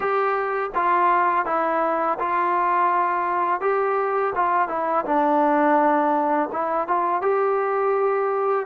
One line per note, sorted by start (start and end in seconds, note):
0.00 0.70 G4
0.74 1.45 F4
1.45 2.18 E4
2.19 3.60 F4
3.60 4.33 G4
4.35 4.68 F4
4.68 5.04 E4
5.05 6.49 D4
6.52 6.87 E4
6.87 7.21 F4
7.21 8.66 G4